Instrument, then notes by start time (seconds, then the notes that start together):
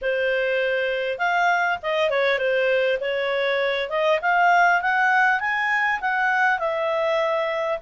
clarinet
0.01 C5
1.18 F5
1.82 D#5
2.10 C#5
2.38 C5
3.00 C#5
3.89 D#5
4.21 F5
4.81 F#5
5.40 G#5
6.01 F#5
6.58 E5